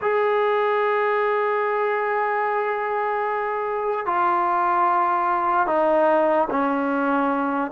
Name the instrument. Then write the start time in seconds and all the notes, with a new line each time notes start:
trombone
0.01 G#4
4.05 F4
5.66 D#4
6.50 C#4